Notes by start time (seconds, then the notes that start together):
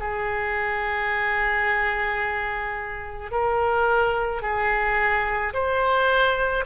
0.00 G#4
3.32 A#4
4.42 G#4
5.54 C5